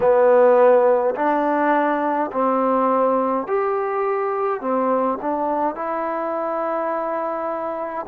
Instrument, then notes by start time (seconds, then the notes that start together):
trombone
0.00 B3
1.15 D4
2.32 C4
3.47 G4
4.60 C4
5.21 D4
5.75 E4